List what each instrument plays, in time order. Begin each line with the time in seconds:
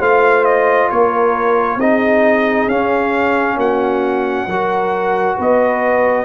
0.00 tuba A3, trombone F4, horn C5, trumpet F5
0.44 trumpet D#5
0.90 tuba A#3, horn A#4, trumpet C#5
1.76 tuba C4, trombone D#4, horn G#4, trumpet D#5
2.67 tuba C#4, trombone C#4, trumpet F5
3.56 tuba A#3, horn F#4, trumpet F#5
4.46 tuba F#3, trombone F#4, horn A#4
5.37 tuba B3, horn B4, trumpet D#5